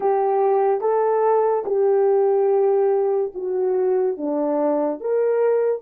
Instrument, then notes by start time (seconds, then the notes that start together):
horn
0.00 G4
0.80 A4
1.65 G4
3.34 F#4
4.17 D4
5.00 A#4